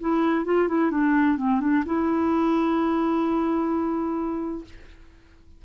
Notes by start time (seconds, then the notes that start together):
0.00 E4
0.45 F4
0.68 E4
0.91 D4
1.37 C4
1.60 D4
1.85 E4